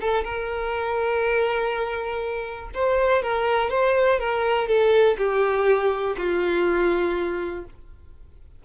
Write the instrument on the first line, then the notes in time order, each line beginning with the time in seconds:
violin
0.00 A4
0.24 A#4
2.74 C5
3.22 A#4
3.70 C5
4.19 A#4
4.68 A4
5.17 G4
6.17 F4